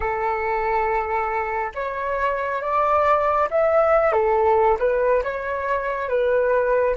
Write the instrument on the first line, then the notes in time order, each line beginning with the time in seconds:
flute
0.00 A4
1.74 C#5
2.62 D5
3.50 E5
4.12 A4
4.79 B4
5.23 C#5
6.08 B4